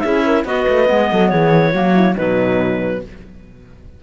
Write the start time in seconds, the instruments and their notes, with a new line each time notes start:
0.00 cello C#4, clarinet E4 E5, horn G#4
0.25 horn A#4
0.45 cello B3, clarinet F#4 D#5, horn B4
0.68 cello A3
0.87 cello G#3, clarinet B3
1.12 cello F#3, horn A4
1.29 cello E3, horn G#4, clarinet C#5
1.72 cello F#3, clarinet A#3, horn F#4
1.95 horn E4
2.15 cello B2, clarinet F#3 B4, horn D#4